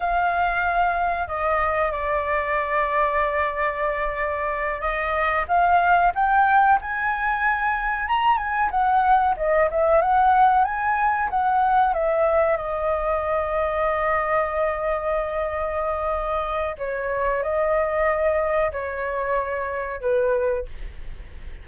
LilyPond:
\new Staff \with { instrumentName = "flute" } { \time 4/4 \tempo 4 = 93 f''2 dis''4 d''4~ | d''2.~ d''8 dis''8~ | dis''8 f''4 g''4 gis''4.~ | gis''8 ais''8 gis''8 fis''4 dis''8 e''8 fis''8~ |
fis''8 gis''4 fis''4 e''4 dis''8~ | dis''1~ | dis''2 cis''4 dis''4~ | dis''4 cis''2 b'4 | }